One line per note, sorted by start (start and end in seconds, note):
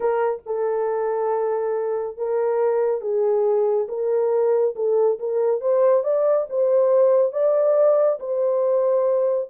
0.00 0.42 A#4
0.45 2.17 A4
2.17 3.01 A#4
3.01 3.87 G#4
3.88 4.74 A#4
4.75 5.18 A4
5.19 5.60 A#4
5.60 6.03 C5
6.03 6.46 D5
6.49 7.32 C5
7.32 8.19 D5
8.19 9.48 C5